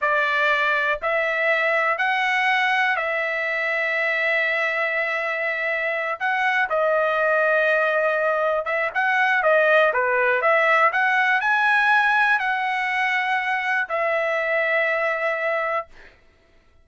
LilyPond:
\new Staff \with { instrumentName = "trumpet" } { \time 4/4 \tempo 4 = 121 d''2 e''2 | fis''2 e''2~ | e''1~ | e''8 fis''4 dis''2~ dis''8~ |
dis''4. e''8 fis''4 dis''4 | b'4 e''4 fis''4 gis''4~ | gis''4 fis''2. | e''1 | }